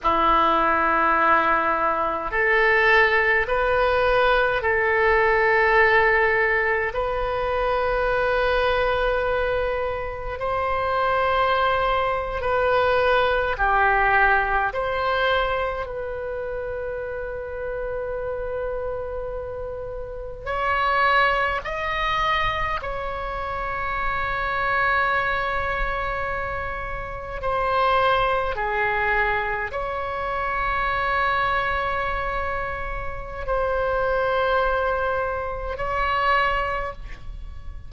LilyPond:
\new Staff \with { instrumentName = "oboe" } { \time 4/4 \tempo 4 = 52 e'2 a'4 b'4 | a'2 b'2~ | b'4 c''4.~ c''16 b'4 g'16~ | g'8. c''4 b'2~ b'16~ |
b'4.~ b'16 cis''4 dis''4 cis''16~ | cis''2.~ cis''8. c''16~ | c''8. gis'4 cis''2~ cis''16~ | cis''4 c''2 cis''4 | }